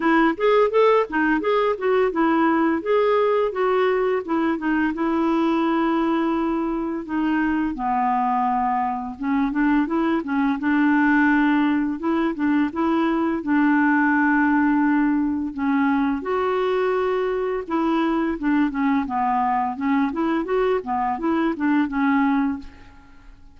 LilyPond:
\new Staff \with { instrumentName = "clarinet" } { \time 4/4 \tempo 4 = 85 e'8 gis'8 a'8 dis'8 gis'8 fis'8 e'4 | gis'4 fis'4 e'8 dis'8 e'4~ | e'2 dis'4 b4~ | b4 cis'8 d'8 e'8 cis'8 d'4~ |
d'4 e'8 d'8 e'4 d'4~ | d'2 cis'4 fis'4~ | fis'4 e'4 d'8 cis'8 b4 | cis'8 e'8 fis'8 b8 e'8 d'8 cis'4 | }